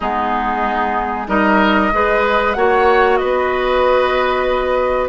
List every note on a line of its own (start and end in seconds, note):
0.00 1.28 G#3
0.00 1.27 B3
0.00 1.27 D#4
0.00 1.28 G#4
1.27 1.91 G3
1.27 1.91 D#4
1.27 1.92 A#4
1.27 2.53 D#5
1.92 2.55 G#3
1.92 2.55 G#4
1.92 2.57 B4
2.53 3.19 A#3
2.53 5.08 F#4
2.53 3.19 C#5
2.53 3.16 F#5
3.16 5.08 B3
3.16 5.08 B4
3.16 5.08 D#5